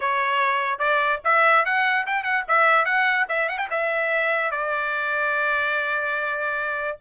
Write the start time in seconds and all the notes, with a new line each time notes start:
0.00 C#5
0.78 D5
1.24 E5
1.65 F#5
2.06 G5
2.23 F#5
2.48 E5
2.85 F#5
3.28 E5
3.48 F#5
3.58 G5
3.70 E5
4.51 D5